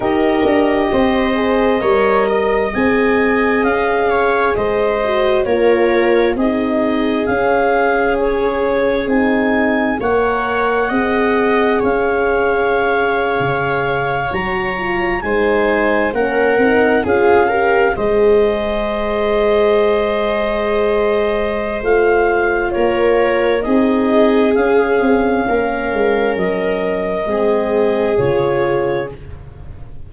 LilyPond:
<<
  \new Staff \with { instrumentName = "clarinet" } { \time 4/4 \tempo 4 = 66 dis''2. gis''4 | f''4 dis''4 cis''4 dis''4 | f''4 cis''4 gis''4 fis''4~ | fis''4 f''2~ f''8. ais''16~ |
ais''8. gis''4 fis''4 f''4 dis''16~ | dis''1 | f''4 cis''4 dis''4 f''4~ | f''4 dis''2 cis''4 | }
  \new Staff \with { instrumentName = "viola" } { \time 4/4 ais'4 c''4 cis''8 dis''4.~ | dis''8 cis''8 c''4 ais'4 gis'4~ | gis'2. cis''4 | dis''4 cis''2.~ |
cis''8. c''4 ais'4 gis'8 ais'8 c''16~ | c''1~ | c''4 ais'4 gis'2 | ais'2 gis'2 | }
  \new Staff \with { instrumentName = "horn" } { \time 4/4 g'4. gis'8 ais'4 gis'4~ | gis'4. fis'8 f'4 dis'4 | cis'2 dis'4 ais'4 | gis'2.~ gis'8. fis'16~ |
fis'16 f'8 dis'4 cis'8 dis'8 f'8 g'8 gis'16~ | gis'1 | f'2 dis'4 cis'4~ | cis'2 c'4 f'4 | }
  \new Staff \with { instrumentName = "tuba" } { \time 4/4 dis'8 d'8 c'4 g4 c'4 | cis'4 gis4 ais4 c'4 | cis'2 c'4 ais4 | c'4 cis'4.~ cis'16 cis4 fis16~ |
fis8. gis4 ais8 c'8 cis'4 gis16~ | gis1 | a4 ais4 c'4 cis'8 c'8 | ais8 gis8 fis4 gis4 cis4 | }
>>